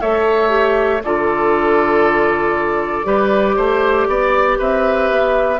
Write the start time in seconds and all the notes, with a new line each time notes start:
0.00 A3 A4 C#5 E5
0.48 G4
1.03 D3 F4 A4 D5
3.04 G3 G4 B4
3.56 A3 C5
4.07 B3 D5
4.58 C4 B4 E5
5.10 B3